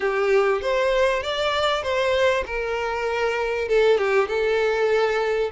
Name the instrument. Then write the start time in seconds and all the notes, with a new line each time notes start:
violin
0.00 G4
0.61 C5
1.22 D5
1.83 C5
2.45 A#4
3.68 A4
3.97 G4
4.28 A4